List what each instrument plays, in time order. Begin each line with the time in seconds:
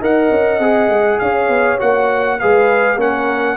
0.00 tuba D#4, trombone A#4, horn D#5, trumpet F#5
0.31 tuba C#4
0.59 tuba C4, trombone G#4
0.88 tuba G#3
1.19 tuba C#4, horn C#5, trumpet F5
1.48 tuba B3
1.78 tuba A#3, trombone F#4, trumpet F#5
2.39 tuba G#3, trombone G#4, horn B4, trumpet F5
2.96 tuba A#3, trombone C#4, horn A#4, trumpet F#5